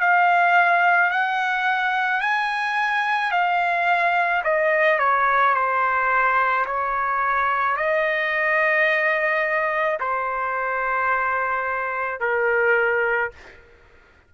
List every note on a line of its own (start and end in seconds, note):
0.00 1.11 F5
1.11 2.21 F#5
2.21 3.31 G#5
3.31 4.42 F5
4.43 4.99 D#5
4.99 5.54 C#5
5.54 6.65 C5
6.66 7.76 C#5
7.76 9.98 D#5
9.99 12.20 C5
12.20 13.31 A#4